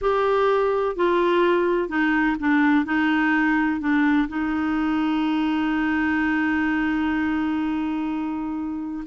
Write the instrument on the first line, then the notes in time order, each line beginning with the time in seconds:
clarinet
0.01 G4
0.96 F4
1.89 D#4
2.39 D4
2.85 D#4
3.80 D4
4.28 D#4